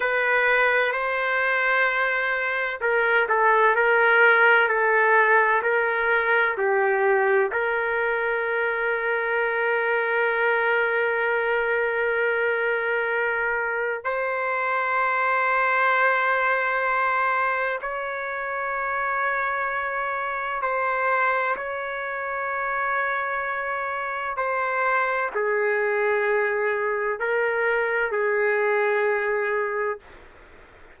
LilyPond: \new Staff \with { instrumentName = "trumpet" } { \time 4/4 \tempo 4 = 64 b'4 c''2 ais'8 a'8 | ais'4 a'4 ais'4 g'4 | ais'1~ | ais'2. c''4~ |
c''2. cis''4~ | cis''2 c''4 cis''4~ | cis''2 c''4 gis'4~ | gis'4 ais'4 gis'2 | }